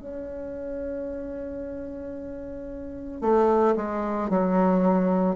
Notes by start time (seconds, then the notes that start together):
0.00 C#4
3.21 A3
3.76 G#3
4.30 F#3